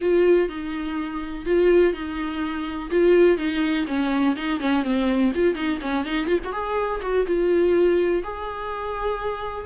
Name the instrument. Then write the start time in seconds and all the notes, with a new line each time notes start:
viola
0.01 F4
0.48 D#4
1.45 F4
1.93 D#4
2.90 F4
3.37 D#4
3.87 C#4
4.36 D#4
4.59 C#4
4.83 C4
5.34 F4
5.54 D#4
5.81 C#4
6.05 D#4
6.27 F4
6.44 F#4
6.52 G#4
7.01 F#4
7.26 F4
8.23 G#4